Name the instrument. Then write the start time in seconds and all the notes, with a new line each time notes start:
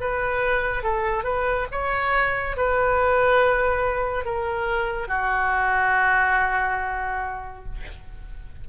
oboe
0.00 B4
0.83 A4
1.24 B4
1.71 C#5
2.57 B4
4.25 A#4
5.08 F#4